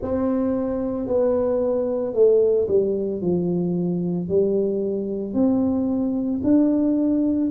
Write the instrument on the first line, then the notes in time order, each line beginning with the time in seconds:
tuba
0.02 C4
1.07 B3
2.13 A3
2.67 G3
3.21 F3
4.28 G3
5.33 C4
6.43 D4